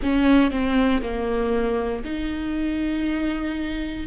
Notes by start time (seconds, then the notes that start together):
0.02 C#4
0.50 C4
1.02 A#3
2.04 D#4